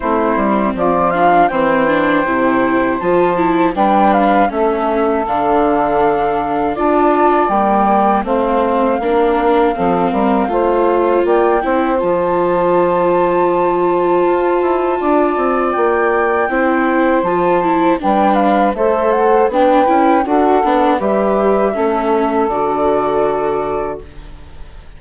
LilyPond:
<<
  \new Staff \with { instrumentName = "flute" } { \time 4/4 \tempo 4 = 80 c''4 d''8 f''8 g''2 | a''4 g''8 f''8 e''4 f''4~ | f''4 a''4 g''4 f''4~ | f''2. g''4 |
a''1~ | a''4 g''2 a''4 | g''8 f''8 e''8 fis''8 g''4 fis''4 | e''2 d''2 | }
  \new Staff \with { instrumentName = "saxophone" } { \time 4/4 e'4 f'4 c''2~ | c''4 b'4 a'2~ | a'4 d''2 c''4 | ais'4 a'8 ais'8 c''4 d''8 c''8~ |
c''1 | d''2 c''2 | b'4 c''4 b'4 a'4 | b'4 a'2. | }
  \new Staff \with { instrumentName = "viola" } { \time 4/4 c'4. d'8 c'8 d'8 e'4 | f'8 e'8 d'4 cis'4 d'4~ | d'4 f'4 ais4 c'4 | d'4 c'4 f'4. e'8 |
f'1~ | f'2 e'4 f'8 e'8 | d'4 a'4 d'8 e'8 fis'8 d'8 | g'4 cis'4 fis'2 | }
  \new Staff \with { instrumentName = "bassoon" } { \time 4/4 a8 g8 f4 e4 c4 | f4 g4 a4 d4~ | d4 d'4 g4 a4 | ais4 f8 g8 a4 ais8 c'8 |
f2. f'8 e'8 | d'8 c'8 ais4 c'4 f4 | g4 a4 b8 cis'8 d'8 b8 | g4 a4 d2 | }
>>